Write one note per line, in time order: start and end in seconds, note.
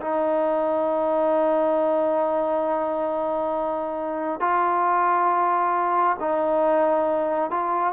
0.00 4.40 D#4
4.40 6.16 F4
6.20 7.50 D#4
7.50 7.93 F4